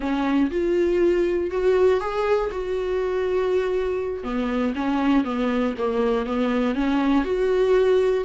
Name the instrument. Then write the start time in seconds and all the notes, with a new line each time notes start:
viola
0.00 C#4
0.50 F4
1.50 F#4
2.00 G#4
2.51 F#4
4.23 B3
4.75 C#4
5.24 B3
5.78 A#3
6.26 B3
6.74 C#4
7.24 F#4